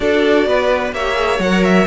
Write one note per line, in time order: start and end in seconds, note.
0.00 0.46 D4
0.00 0.93 F#4
0.00 0.47 A4
0.00 0.93 D5
0.46 0.92 B3
0.46 0.94 B4
0.92 1.39 A#3
0.92 1.14 G4
0.92 1.87 C#5
0.92 1.40 E5
1.14 1.38 G#4
1.39 1.86 F#3
1.39 1.87 A#4
1.39 1.64 F#5
1.64 1.87 E5